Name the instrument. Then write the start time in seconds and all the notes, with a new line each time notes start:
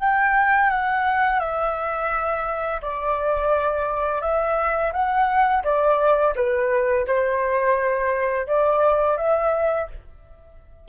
flute
0.00 G5
0.70 F#5
1.40 E5
2.82 D5
4.22 E5
4.93 F#5
5.64 D5
6.36 B4
7.07 C5
8.47 D5
9.18 E5